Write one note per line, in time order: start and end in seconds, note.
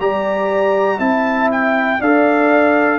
0.00 0.99 G3
0.00 0.99 G4
0.00 0.99 D5
0.00 1.00 A#5
0.99 1.99 C4
0.99 1.99 E4
0.99 1.99 E5
0.99 1.50 A5
1.51 2.01 G5
2.00 2.99 D4
2.00 2.99 A4
2.00 2.99 D5
2.00 2.99 F5